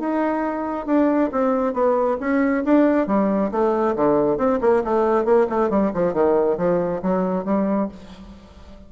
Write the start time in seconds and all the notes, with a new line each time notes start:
0.00 D#4
0.87 D4
1.32 C4
1.74 B3
2.21 C#4
2.65 D4
3.08 G3
3.52 A3
3.96 D3
4.38 C4
4.61 A#3
4.85 A3
5.25 A#3
5.50 A3
5.70 G3
5.94 F3
6.14 D#3
6.58 F3
7.03 F#3
7.45 G3